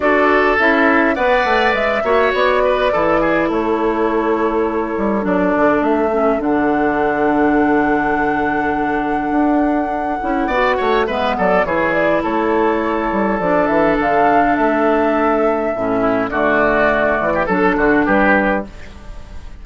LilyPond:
<<
  \new Staff \with { instrumentName = "flute" } { \time 4/4 \tempo 4 = 103 d''4 e''4 fis''4 e''4 | d''2 cis''2~ | cis''4 d''4 e''4 fis''4~ | fis''1~ |
fis''2. e''8 d''8 | cis''8 d''8 cis''2 d''8 e''8 | f''4 e''2. | d''2 a'4 b'4 | }
  \new Staff \with { instrumentName = "oboe" } { \time 4/4 a'2 d''4. cis''8~ | cis''8 b'8 a'8 gis'8 a'2~ | a'1~ | a'1~ |
a'2 d''8 cis''8 b'8 a'8 | gis'4 a'2.~ | a'2.~ a'8 e'8 | fis'4.~ fis'16 g'16 a'8 fis'8 g'4 | }
  \new Staff \with { instrumentName = "clarinet" } { \time 4/4 fis'4 e'4 b'4. fis'8~ | fis'4 e'2.~ | e'4 d'4. cis'8 d'4~ | d'1~ |
d'4. e'8 fis'4 b4 | e'2. d'4~ | d'2. cis'4 | a2 d'2 | }
  \new Staff \with { instrumentName = "bassoon" } { \time 4/4 d'4 cis'4 b8 a8 gis8 ais8 | b4 e4 a2~ | a8 g8 fis8 d8 a4 d4~ | d1 |
d'4. cis'8 b8 a8 gis8 fis8 | e4 a4. g8 f8 e8 | d4 a2 a,4 | d4. e8 fis8 d8 g4 | }
>>